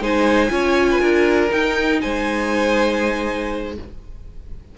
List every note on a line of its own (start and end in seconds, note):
0.00 0.50 G#3
0.00 0.49 D#4
0.00 0.51 C5
0.00 1.52 G#5
0.49 1.00 C#4
0.49 1.49 F4
0.49 0.89 C#5
0.90 1.00 B4
1.00 1.51 D4
1.00 1.99 A#4
1.50 3.73 D#4
1.50 2.02 D#4
1.50 2.01 G5
2.01 3.78 G#3
2.01 3.75 C5
2.01 3.74 G#5